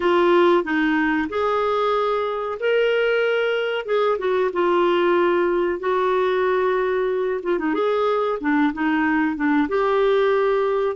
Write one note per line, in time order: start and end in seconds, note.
0.00 0.63 F4
0.63 1.28 D#4
1.29 2.58 G#4
2.59 3.85 A#4
3.85 4.18 G#4
4.18 4.50 F#4
4.52 5.79 F4
5.79 7.40 F#4
7.42 7.58 F4
7.58 7.74 D#4
7.74 8.38 G#4
8.40 8.72 D4
8.73 9.35 D#4
9.35 9.68 D4
9.68 10.95 G4